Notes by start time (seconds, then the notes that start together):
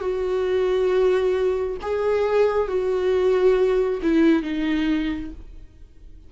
0.00 F#4
1.82 G#4
2.68 F#4
4.02 E4
4.42 D#4